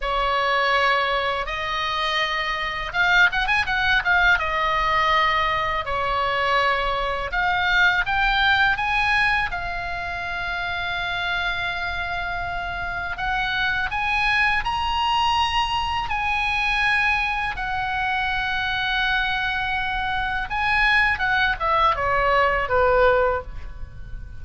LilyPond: \new Staff \with { instrumentName = "oboe" } { \time 4/4 \tempo 4 = 82 cis''2 dis''2 | f''8 fis''16 gis''16 fis''8 f''8 dis''2 | cis''2 f''4 g''4 | gis''4 f''2.~ |
f''2 fis''4 gis''4 | ais''2 gis''2 | fis''1 | gis''4 fis''8 e''8 cis''4 b'4 | }